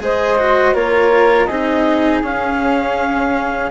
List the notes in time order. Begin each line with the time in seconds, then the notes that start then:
0.00 G#3 G#4 C5 D#5
0.38 F#4
0.74 A#3 F4 A#4 C#5
1.46 C4 D#4 G#4 D#5
2.23 C#4 F5